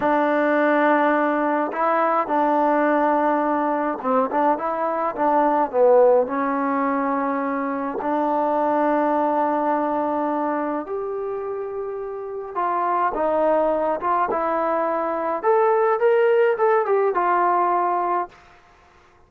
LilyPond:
\new Staff \with { instrumentName = "trombone" } { \time 4/4 \tempo 4 = 105 d'2. e'4 | d'2. c'8 d'8 | e'4 d'4 b4 cis'4~ | cis'2 d'2~ |
d'2. g'4~ | g'2 f'4 dis'4~ | dis'8 f'8 e'2 a'4 | ais'4 a'8 g'8 f'2 | }